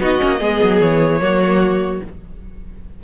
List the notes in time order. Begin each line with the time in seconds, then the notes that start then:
0.00 B3 D#4 F#4 D#5
0.18 A#3 C#4
0.40 G#3 B3 G#4
0.64 F#3
0.81 E3 C#5
1.21 F#3 A#3 F#4